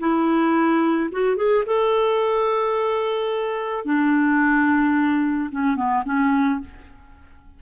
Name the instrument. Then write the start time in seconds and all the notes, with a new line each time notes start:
clarinet
0.00 E4
1.12 F#4
1.37 G#4
1.66 A4
3.85 D4
5.51 C#4
5.76 B3
6.05 C#4